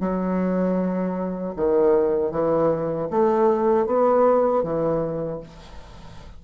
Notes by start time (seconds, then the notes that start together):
0.00 F#3
1.56 D#3
2.31 E3
3.10 A3
3.86 B3
4.63 E3